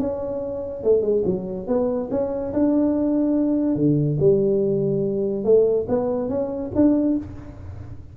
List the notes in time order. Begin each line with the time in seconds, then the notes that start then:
0.00 C#4
0.84 A3
1.02 G#3
1.26 F#3
1.68 B3
2.11 C#4
2.53 D4
3.76 D3
4.20 G3
5.45 A3
5.89 B3
6.30 C#4
6.76 D4